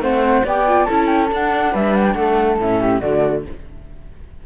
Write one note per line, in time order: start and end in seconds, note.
0.00 0.43 A3
0.00 0.43 C4
0.00 0.45 C5
0.00 0.45 F#5
0.45 0.87 B3
0.45 0.67 G4
0.45 0.88 D5
0.45 0.85 G5
0.67 0.89 F4
0.85 1.32 C#4
0.85 1.29 E4
0.85 1.72 A4
0.85 1.07 A5
1.07 1.28 G5
1.29 2.58 D4
1.29 1.75 D4
1.29 1.76 F#5
1.72 2.15 G3
1.72 2.15 B4
1.72 1.96 E5
1.96 2.05 F#5
2.05 2.14 G5
2.14 2.58 A3
2.14 2.81 A4
2.14 2.57 F#5
2.59 3.02 A2
2.59 3.02 C#4
2.59 3.01 E5
2.81 3.00 G4
3.00 3.46 D3
3.00 3.45 A3
3.00 3.43 F#4
3.00 3.44 D5